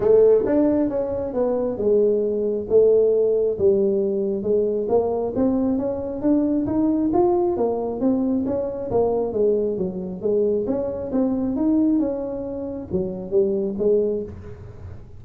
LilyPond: \new Staff \with { instrumentName = "tuba" } { \time 4/4 \tempo 4 = 135 a4 d'4 cis'4 b4 | gis2 a2 | g2 gis4 ais4 | c'4 cis'4 d'4 dis'4 |
f'4 ais4 c'4 cis'4 | ais4 gis4 fis4 gis4 | cis'4 c'4 dis'4 cis'4~ | cis'4 fis4 g4 gis4 | }